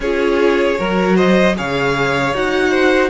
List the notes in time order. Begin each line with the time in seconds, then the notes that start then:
0.00 C#4 F4 G#4 C#5
0.76 F#3 F#4 A#4
1.15 C5 D#5
1.56 C#3 G#4 C#5 F5
2.33 D#4 F#4 F#5
2.70 C5